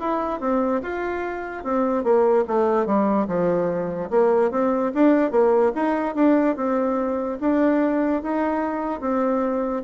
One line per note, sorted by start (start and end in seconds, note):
0.00 0.41 E4
0.41 0.82 C4
0.83 1.64 F4
1.64 2.04 C4
2.04 2.45 A#3
2.48 2.87 A3
2.87 3.28 G3
3.28 4.10 F3
4.11 4.51 A#3
4.51 4.92 C4
4.94 5.31 D4
5.31 5.72 A#3
5.75 6.15 D#4
6.15 6.56 D4
6.56 7.39 C4
7.40 8.23 D4
8.23 9.01 D#4
9.01 9.83 C4